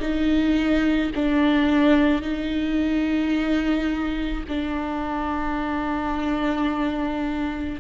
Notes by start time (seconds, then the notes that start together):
0.00 D#4
1.15 D4
2.22 D#4
4.48 D4